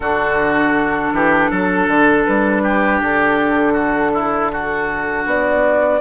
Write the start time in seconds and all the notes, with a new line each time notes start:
0.00 D3 D4 F#4 A4
1.12 E3 G4
1.50 F#3 A4
1.87 D3
2.25 G3 B4
2.62 G4
3.00 D3 A4
3.73 F#4
4.14 E4
4.52 F#4
5.25 B3 D5